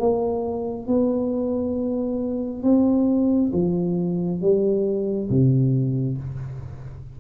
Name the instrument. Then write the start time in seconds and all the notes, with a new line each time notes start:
tuba
0.00 A#3
0.87 B3
2.63 C4
3.53 F3
4.41 G3
5.30 C3